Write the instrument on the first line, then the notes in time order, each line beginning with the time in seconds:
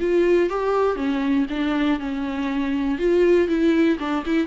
viola
0.00 F4
0.50 G4
0.96 C#4
1.50 D4
1.99 C#4
2.98 F4
3.48 E4
3.99 D4
4.25 E4